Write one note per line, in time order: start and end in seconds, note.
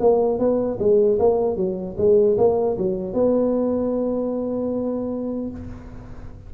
0.00 0.39 A#3
0.39 0.78 B3
0.79 1.18 G#3
1.19 1.56 A#3
1.56 1.96 F#3
1.98 2.37 G#3
2.38 2.77 A#3
2.78 3.14 F#3
3.14 5.50 B3